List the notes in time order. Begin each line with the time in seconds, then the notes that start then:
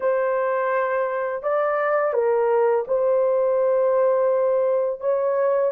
0.00 C5
1.43 D5
2.13 A#4
2.87 C5
5.00 C#5